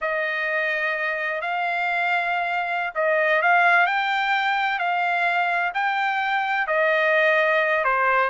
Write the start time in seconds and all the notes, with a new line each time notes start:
0.01 D#5
1.41 F5
2.94 D#5
3.42 F5
3.86 G5
4.78 F5
5.73 G5
6.67 D#5
7.84 C5